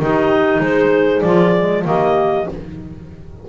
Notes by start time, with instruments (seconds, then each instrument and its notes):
0.00 double bass D#3, clarinet D#4 D#5, horn G4
0.60 double bass G#3, horn G#4, clarinet C5
1.21 double bass F3, clarinet F4 D5
1.57 clarinet G#3
1.84 double bass D#3, clarinet A#3 D#5, horn G4